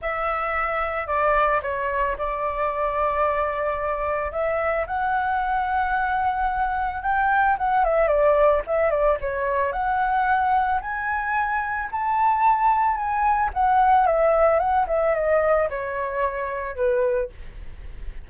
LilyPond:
\new Staff \with { instrumentName = "flute" } { \time 4/4 \tempo 4 = 111 e''2 d''4 cis''4 | d''1 | e''4 fis''2.~ | fis''4 g''4 fis''8 e''8 d''4 |
e''8 d''8 cis''4 fis''2 | gis''2 a''2 | gis''4 fis''4 e''4 fis''8 e''8 | dis''4 cis''2 b'4 | }